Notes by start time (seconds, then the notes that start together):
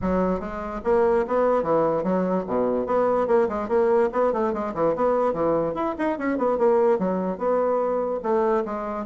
0.01 F#3
0.39 G#3
0.84 A#3
1.27 B3
1.63 E3
2.03 F#3
2.47 B2
2.86 B3
3.27 A#3
3.48 G#3
3.68 A#3
4.12 B3
4.32 A3
4.53 G#3
4.74 E3
4.95 B3
5.33 E3
5.74 E4
5.98 D#4
6.18 C#4
6.37 B3
6.58 A#3
6.98 F#3
7.38 B3
8.22 A3
8.65 G#3